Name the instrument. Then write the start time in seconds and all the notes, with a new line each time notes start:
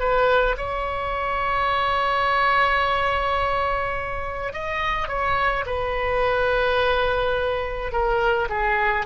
oboe
0.00 B4
0.58 C#5
4.53 D#5
5.08 C#5
5.67 B4
7.92 A#4
8.50 G#4